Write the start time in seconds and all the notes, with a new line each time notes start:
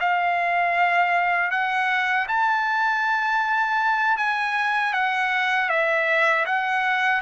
0.00 F5
1.51 F#5
2.28 A5
4.17 G#5
4.93 F#5
5.69 E5
6.46 F#5